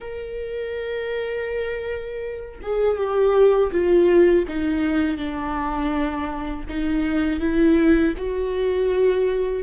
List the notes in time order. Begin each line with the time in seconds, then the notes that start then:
0.00 A#4
2.62 G#4
2.96 G4
3.71 F4
4.48 D#4
5.17 D4
6.68 D#4
7.39 E4
8.17 F#4